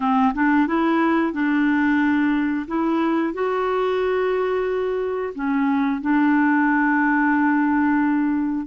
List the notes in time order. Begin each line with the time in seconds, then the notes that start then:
0.00 C4
0.33 D4
0.67 E4
1.32 D4
2.67 E4
3.33 F#4
5.35 C#4
6.01 D4